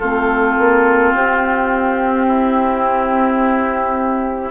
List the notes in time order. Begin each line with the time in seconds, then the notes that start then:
0.00 A3 C4 F4 A4
0.58 A#3
1.14 C4 G4
2.27 E4